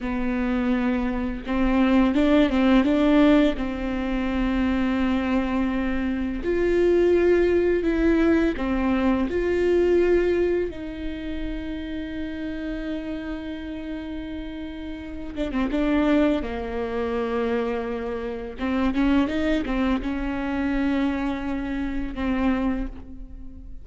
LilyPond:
\new Staff \with { instrumentName = "viola" } { \time 4/4 \tempo 4 = 84 b2 c'4 d'8 c'8 | d'4 c'2.~ | c'4 f'2 e'4 | c'4 f'2 dis'4~ |
dis'1~ | dis'4. d'16 c'16 d'4 ais4~ | ais2 c'8 cis'8 dis'8 c'8 | cis'2. c'4 | }